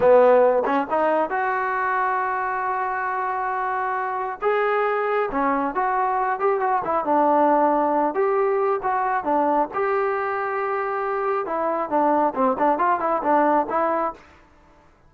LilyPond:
\new Staff \with { instrumentName = "trombone" } { \time 4/4 \tempo 4 = 136 b4. cis'8 dis'4 fis'4~ | fis'1~ | fis'2 gis'2 | cis'4 fis'4. g'8 fis'8 e'8 |
d'2~ d'8 g'4. | fis'4 d'4 g'2~ | g'2 e'4 d'4 | c'8 d'8 f'8 e'8 d'4 e'4 | }